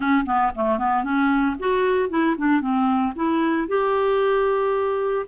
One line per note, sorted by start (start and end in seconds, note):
0.00 0.24 C#4
0.25 0.52 B3
0.55 0.78 A3
0.78 1.03 B3
1.03 1.56 C#4
1.59 2.09 F#4
2.09 2.35 E4
2.37 2.60 D4
2.60 3.13 C4
3.15 3.68 E4
3.68 5.26 G4